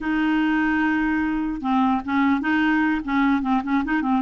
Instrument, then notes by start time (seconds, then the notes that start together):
clarinet
0.00 D#4
1.61 C4
2.04 C#4
2.40 D#4
3.04 C#4
3.41 C4
3.63 C#4
3.84 D#4
4.02 C4